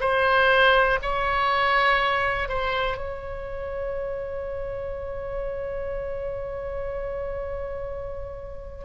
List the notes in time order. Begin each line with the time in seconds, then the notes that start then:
0.00 C5
1.02 C#5
2.49 C5
2.97 C#5